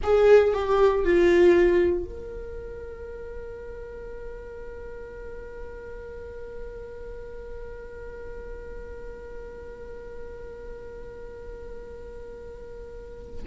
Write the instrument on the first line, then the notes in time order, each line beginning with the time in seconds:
viola
0.03 G#4
0.53 G4
1.04 F4
2.05 A#4